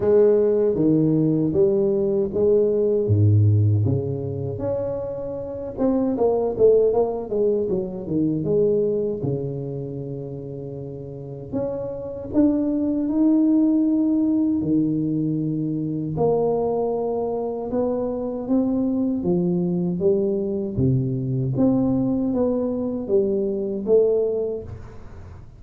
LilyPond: \new Staff \with { instrumentName = "tuba" } { \time 4/4 \tempo 4 = 78 gis4 dis4 g4 gis4 | gis,4 cis4 cis'4. c'8 | ais8 a8 ais8 gis8 fis8 dis8 gis4 | cis2. cis'4 |
d'4 dis'2 dis4~ | dis4 ais2 b4 | c'4 f4 g4 c4 | c'4 b4 g4 a4 | }